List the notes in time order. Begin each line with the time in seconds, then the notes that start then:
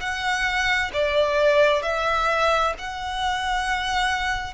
0.00 F#5
0.94 D5
1.83 E5
2.79 F#5